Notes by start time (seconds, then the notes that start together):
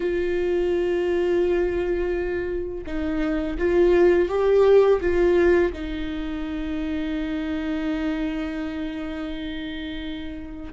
0.00 F4
2.86 D#4
3.58 F4
4.28 G4
5.00 F4
5.72 D#4